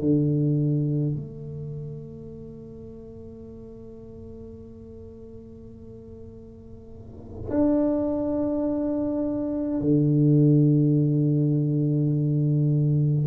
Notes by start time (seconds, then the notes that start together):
0.00 D3
1.16 A3
7.51 D4
9.81 D3